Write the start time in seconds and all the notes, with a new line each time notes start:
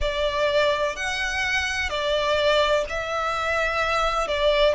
0.00 D5
0.96 F#5
1.89 D5
2.89 E5
4.27 D5